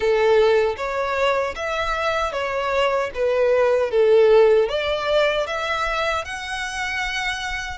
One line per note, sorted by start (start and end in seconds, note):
0.00 0.75 A4
0.77 1.54 C#5
1.55 2.32 E5
2.32 3.10 C#5
3.14 3.90 B4
3.90 4.68 A4
4.69 5.47 D5
5.47 6.24 E5
6.24 7.78 F#5